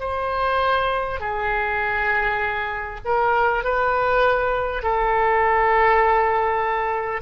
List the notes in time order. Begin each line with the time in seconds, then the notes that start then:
0.00 C5
1.21 G#4
3.05 A#4
3.64 B4
4.83 A4